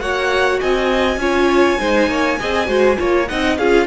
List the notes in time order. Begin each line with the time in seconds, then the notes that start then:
0.00 A#3 F#4 C#5 F#5
0.60 C4 D#5 G#5
1.16 C#4 F4 C#5
1.78 G#3 D#4 C5
2.07 A#3 C#5
2.39 C4 G#4 D#5
2.66 G#3 F#4 C5
2.96 A#3 F4 C#5
3.27 C4 D#4 D#5 F#5
3.57 C#4 F4 G#4 F5